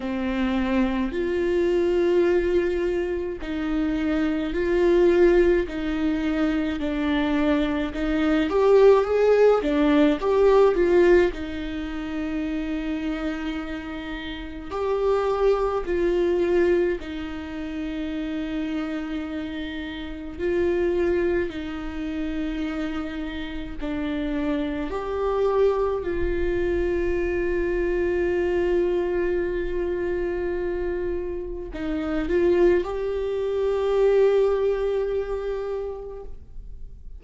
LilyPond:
\new Staff \with { instrumentName = "viola" } { \time 4/4 \tempo 4 = 53 c'4 f'2 dis'4 | f'4 dis'4 d'4 dis'8 g'8 | gis'8 d'8 g'8 f'8 dis'2~ | dis'4 g'4 f'4 dis'4~ |
dis'2 f'4 dis'4~ | dis'4 d'4 g'4 f'4~ | f'1 | dis'8 f'8 g'2. | }